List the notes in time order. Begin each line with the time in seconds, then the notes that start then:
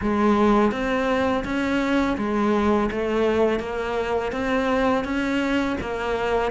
0.01 G#3
0.71 C4
1.44 C#4
2.17 G#3
2.91 A3
3.59 A#3
4.32 C4
5.04 C#4
5.81 A#3